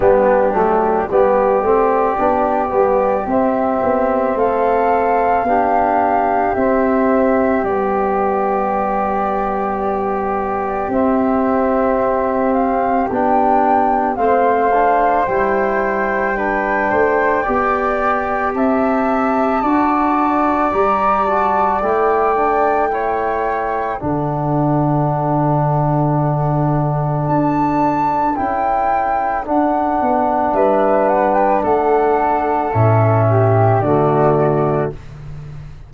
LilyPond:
<<
  \new Staff \with { instrumentName = "flute" } { \time 4/4 \tempo 4 = 55 g'4 d''2 e''4 | f''2 e''4 d''4~ | d''2 e''4. f''8 | g''4 f''4 g''2~ |
g''4 a''2 ais''8 a''8 | g''2 fis''2~ | fis''4 a''4 g''4 fis''4 | e''8 fis''16 g''16 fis''4 e''4 d''4 | }
  \new Staff \with { instrumentName = "flute" } { \time 4/4 d'4 g'2. | a'4 g'2.~ | g'1~ | g'4 c''2 b'8 c''8 |
d''4 e''4 d''2~ | d''4 cis''4 a'2~ | a'1 | b'4 a'4. g'8 fis'4 | }
  \new Staff \with { instrumentName = "trombone" } { \time 4/4 b8 a8 b8 c'8 d'8 b8 c'4~ | c'4 d'4 c'4 b4~ | b2 c'2 | d'4 c'8 d'8 e'4 d'4 |
g'2 fis'4 g'8 fis'8 | e'8 d'8 e'4 d'2~ | d'2 e'4 d'4~ | d'2 cis'4 a4 | }
  \new Staff \with { instrumentName = "tuba" } { \time 4/4 g8 fis8 g8 a8 b8 g8 c'8 b8 | a4 b4 c'4 g4~ | g2 c'2 | b4 a4 g4. a8 |
b4 c'4 d'4 g4 | a2 d2~ | d4 d'4 cis'4 d'8 b8 | g4 a4 a,4 d4 | }
>>